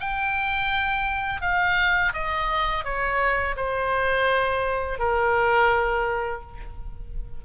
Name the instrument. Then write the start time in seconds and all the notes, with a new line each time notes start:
oboe
0.00 G5
1.42 F5
2.14 D#5
2.84 C#5
3.56 C5
4.99 A#4